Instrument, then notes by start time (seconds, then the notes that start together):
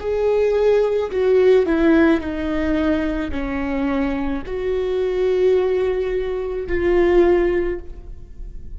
viola
0.00 G#4
1.11 F#4
1.66 E4
2.20 D#4
3.32 C#4
4.46 F#4
6.68 F4